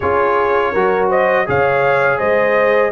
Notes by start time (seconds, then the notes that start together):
0.00 C#4 F4 G#4 C#5
0.72 F#3 F#4 A#4
1.08 C5 D#5
1.46 C#3 G#4 C#5 F5
2.18 G#3 C5 D#5